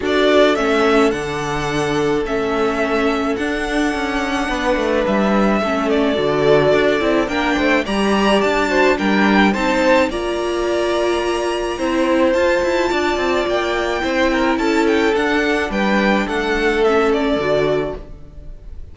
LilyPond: <<
  \new Staff \with { instrumentName = "violin" } { \time 4/4 \tempo 4 = 107 d''4 e''4 fis''2 | e''2 fis''2~ | fis''4 e''4. d''4.~ | d''4 g''4 ais''4 a''4 |
g''4 a''4 ais''2~ | ais''2 a''2 | g''2 a''8 g''8 fis''4 | g''4 fis''4 e''8 d''4. | }
  \new Staff \with { instrumentName = "violin" } { \time 4/4 a'1~ | a'1 | b'2 a'2~ | a'4 ais'8 c''8 d''4. c''8 |
ais'4 c''4 d''2~ | d''4 c''2 d''4~ | d''4 c''8 ais'8 a'2 | b'4 a'2. | }
  \new Staff \with { instrumentName = "viola" } { \time 4/4 fis'4 cis'4 d'2 | cis'2 d'2~ | d'2 cis'4 fis'4~ | fis'8 e'8 d'4 g'4. fis'8 |
d'4 dis'4 f'2~ | f'4 e'4 f'2~ | f'4 e'2 d'4~ | d'2 cis'4 fis'4 | }
  \new Staff \with { instrumentName = "cello" } { \time 4/4 d'4 a4 d2 | a2 d'4 cis'4 | b8 a8 g4 a4 d4 | d'8 c'8 ais8 a8 g4 d'4 |
g4 c'4 ais2~ | ais4 c'4 f'8 e'8 d'8 c'8 | ais4 c'4 cis'4 d'4 | g4 a2 d4 | }
>>